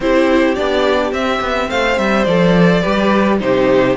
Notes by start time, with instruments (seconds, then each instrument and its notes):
0.00 cello C4, viola E4, violin G4 C5
0.54 cello B3, viola D4, violin D5
1.11 cello C4, viola C4, violin E5
1.40 cello B3
1.69 cello A3, violin C5 F5
1.98 cello G3, violin E5
2.24 cello F3, viola A4, violin D5
2.81 cello G3, viola G4, violin B4
3.39 cello C3, viola D#4, violin G4 C5